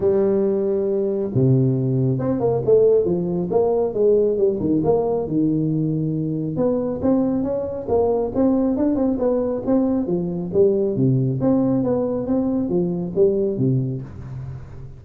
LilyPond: \new Staff \with { instrumentName = "tuba" } { \time 4/4 \tempo 4 = 137 g2. c4~ | c4 c'8 ais8 a4 f4 | ais4 gis4 g8 dis8 ais4 | dis2. b4 |
c'4 cis'4 ais4 c'4 | d'8 c'8 b4 c'4 f4 | g4 c4 c'4 b4 | c'4 f4 g4 c4 | }